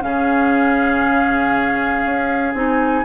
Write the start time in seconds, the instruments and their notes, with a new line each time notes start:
0.00 bassoon C#3, clarinet C#4, oboe G#4, flute F5
2.04 bassoon C#4
2.54 bassoon C4, clarinet D#4, flute G#5